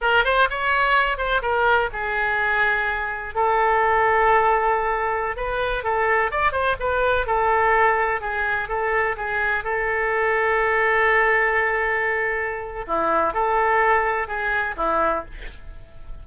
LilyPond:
\new Staff \with { instrumentName = "oboe" } { \time 4/4 \tempo 4 = 126 ais'8 c''8 cis''4. c''8 ais'4 | gis'2. a'4~ | a'2.~ a'16 b'8.~ | b'16 a'4 d''8 c''8 b'4 a'8.~ |
a'4~ a'16 gis'4 a'4 gis'8.~ | gis'16 a'2.~ a'8.~ | a'2. e'4 | a'2 gis'4 e'4 | }